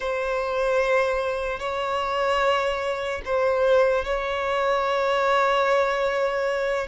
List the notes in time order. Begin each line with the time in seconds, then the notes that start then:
0.00 C5
1.59 C#5
3.25 C5
4.04 C#5